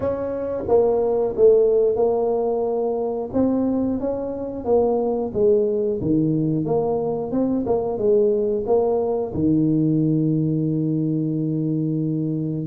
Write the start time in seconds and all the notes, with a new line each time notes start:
0.00 C#4
0.68 A#3
1.36 A3
1.96 A#3
3.33 C4
4.00 C#4
4.65 A#3
5.33 G#3
6.01 D#3
6.65 A#3
7.32 C4
7.66 A#3
7.98 G#3
8.66 A#3
9.34 D#3